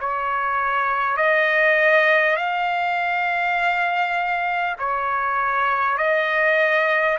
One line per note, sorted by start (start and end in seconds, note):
0.00 1.17 C#5
1.17 2.36 D#5
2.36 4.76 F5
4.78 5.97 C#5
5.97 7.17 D#5